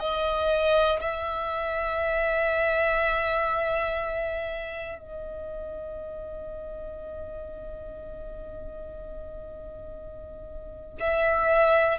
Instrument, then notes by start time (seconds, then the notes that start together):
violin
0.00 D#5
1.00 E5
4.99 D#5
11.00 E5